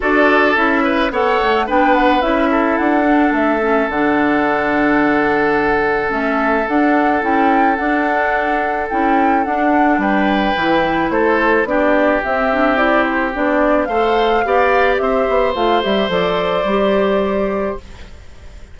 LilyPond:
<<
  \new Staff \with { instrumentName = "flute" } { \time 4/4 \tempo 4 = 108 d''4 e''4 fis''4 g''8 fis''8 | e''4 fis''4 e''4 fis''4~ | fis''2. e''4 | fis''4 g''4 fis''2 |
g''4 fis''4 g''2 | c''4 d''4 e''4 d''8 c''8 | d''4 f''2 e''4 | f''8 e''8 d''2. | }
  \new Staff \with { instrumentName = "oboe" } { \time 4/4 a'4. b'8 cis''4 b'4~ | b'8 a'2.~ a'8~ | a'1~ | a'1~ |
a'2 b'2 | a'4 g'2.~ | g'4 c''4 d''4 c''4~ | c''1 | }
  \new Staff \with { instrumentName = "clarinet" } { \time 4/4 fis'4 e'4 a'4 d'4 | e'4. d'4 cis'8 d'4~ | d'2. cis'4 | d'4 e'4 d'2 |
e'4 d'2 e'4~ | e'4 d'4 c'8 d'8 e'4 | d'4 a'4 g'2 | f'8 g'8 a'4 g'2 | }
  \new Staff \with { instrumentName = "bassoon" } { \time 4/4 d'4 cis'4 b8 a8 b4 | cis'4 d'4 a4 d4~ | d2. a4 | d'4 cis'4 d'2 |
cis'4 d'4 g4 e4 | a4 b4 c'2 | b4 a4 b4 c'8 b8 | a8 g8 f4 g2 | }
>>